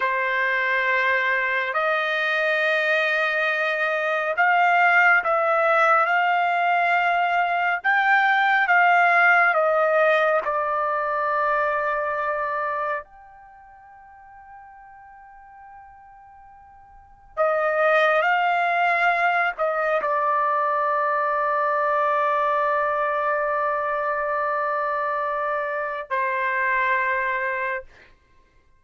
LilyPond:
\new Staff \with { instrumentName = "trumpet" } { \time 4/4 \tempo 4 = 69 c''2 dis''2~ | dis''4 f''4 e''4 f''4~ | f''4 g''4 f''4 dis''4 | d''2. g''4~ |
g''1 | dis''4 f''4. dis''8 d''4~ | d''1~ | d''2 c''2 | }